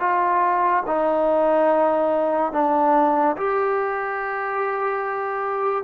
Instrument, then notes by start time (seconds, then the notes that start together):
trombone
0.00 F4
0.87 D#4
2.53 D4
3.37 G4